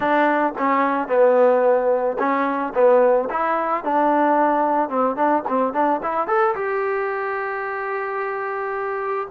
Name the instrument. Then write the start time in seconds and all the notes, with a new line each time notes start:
trombone
0.00 D4
0.58 C#4
1.08 B3
2.18 C#4
2.74 B3
3.30 E4
3.84 D4
4.89 C4
5.15 D4
5.48 C4
5.73 D4
6.02 E4
6.27 A4
6.55 G4